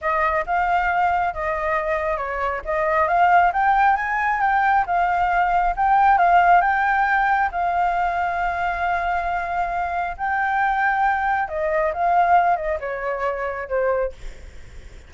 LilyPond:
\new Staff \with { instrumentName = "flute" } { \time 4/4 \tempo 4 = 136 dis''4 f''2 dis''4~ | dis''4 cis''4 dis''4 f''4 | g''4 gis''4 g''4 f''4~ | f''4 g''4 f''4 g''4~ |
g''4 f''2.~ | f''2. g''4~ | g''2 dis''4 f''4~ | f''8 dis''8 cis''2 c''4 | }